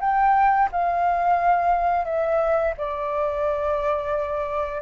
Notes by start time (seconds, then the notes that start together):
0.00 G5
0.72 F5
2.05 E5
2.77 D5